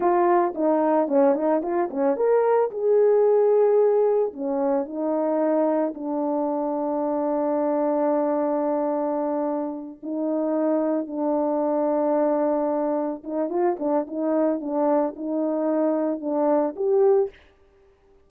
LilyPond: \new Staff \with { instrumentName = "horn" } { \time 4/4 \tempo 4 = 111 f'4 dis'4 cis'8 dis'8 f'8 cis'8 | ais'4 gis'2. | cis'4 dis'2 d'4~ | d'1~ |
d'2~ d'8 dis'4.~ | dis'8 d'2.~ d'8~ | d'8 dis'8 f'8 d'8 dis'4 d'4 | dis'2 d'4 g'4 | }